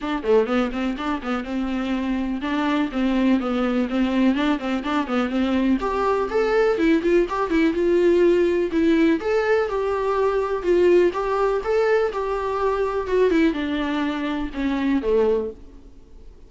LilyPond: \new Staff \with { instrumentName = "viola" } { \time 4/4 \tempo 4 = 124 d'8 a8 b8 c'8 d'8 b8 c'4~ | c'4 d'4 c'4 b4 | c'4 d'8 c'8 d'8 b8 c'4 | g'4 a'4 e'8 f'8 g'8 e'8 |
f'2 e'4 a'4 | g'2 f'4 g'4 | a'4 g'2 fis'8 e'8 | d'2 cis'4 a4 | }